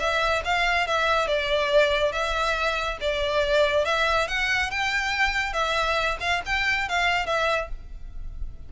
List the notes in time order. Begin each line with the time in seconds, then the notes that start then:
0.00 E5
0.44 F5
0.87 E5
1.27 D5
2.12 E5
3.01 D5
3.85 E5
4.28 F#5
4.71 G5
5.53 E5
6.20 F5
6.46 G5
6.88 F5
7.26 E5